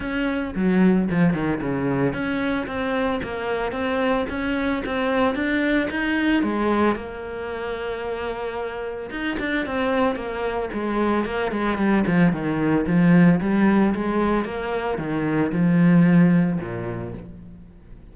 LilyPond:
\new Staff \with { instrumentName = "cello" } { \time 4/4 \tempo 4 = 112 cis'4 fis4 f8 dis8 cis4 | cis'4 c'4 ais4 c'4 | cis'4 c'4 d'4 dis'4 | gis4 ais2.~ |
ais4 dis'8 d'8 c'4 ais4 | gis4 ais8 gis8 g8 f8 dis4 | f4 g4 gis4 ais4 | dis4 f2 ais,4 | }